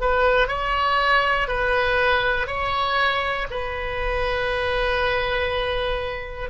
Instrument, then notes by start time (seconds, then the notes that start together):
oboe
0.00 B4
0.47 C#5
1.48 B4
2.46 C#5
3.50 B4